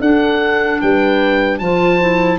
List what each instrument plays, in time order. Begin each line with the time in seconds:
0.00 tuba D4, clarinet D4, horn A4, oboe F#5
0.80 tuba G3, horn B4, oboe G5
1.58 tuba F3, clarinet F4, horn C5, oboe A5
2.00 clarinet E4